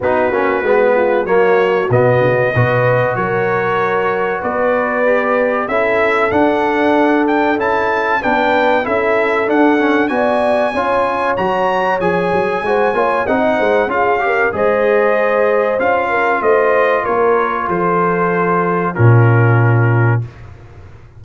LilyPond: <<
  \new Staff \with { instrumentName = "trumpet" } { \time 4/4 \tempo 4 = 95 b'2 cis''4 dis''4~ | dis''4 cis''2 d''4~ | d''4 e''4 fis''4. g''8 | a''4 g''4 e''4 fis''4 |
gis''2 ais''4 gis''4~ | gis''4 fis''4 f''4 dis''4~ | dis''4 f''4 dis''4 cis''4 | c''2 ais'2 | }
  \new Staff \with { instrumentName = "horn" } { \time 4/4 fis'4. f'8 fis'2 | b'4 ais'2 b'4~ | b'4 a'2.~ | a'4 b'4 a'2 |
d''4 cis''2. | c''8 cis''8 dis''8 c''8 gis'8 ais'8 c''4~ | c''4. ais'8 c''4 ais'4 | a'2 f'2 | }
  \new Staff \with { instrumentName = "trombone" } { \time 4/4 dis'8 cis'8 b4 ais4 b4 | fis'1 | g'4 e'4 d'2 | e'4 d'4 e'4 d'8 cis'8 |
fis'4 f'4 fis'4 gis'4 | fis'8 f'8 dis'4 f'8 g'8 gis'4~ | gis'4 f'2.~ | f'2 cis'2 | }
  \new Staff \with { instrumentName = "tuba" } { \time 4/4 b8 ais8 gis4 fis4 b,8 cis8 | b,4 fis2 b4~ | b4 cis'4 d'2 | cis'4 b4 cis'4 d'4 |
b4 cis'4 fis4 f8 fis8 | gis8 ais8 c'8 gis8 cis'4 gis4~ | gis4 cis'4 a4 ais4 | f2 ais,2 | }
>>